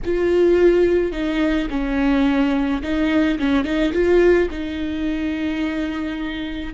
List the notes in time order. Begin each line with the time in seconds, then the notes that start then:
0.04 F4
1.11 D#4
1.69 C#4
2.82 D#4
3.38 C#4
3.64 D#4
3.92 F4
4.51 D#4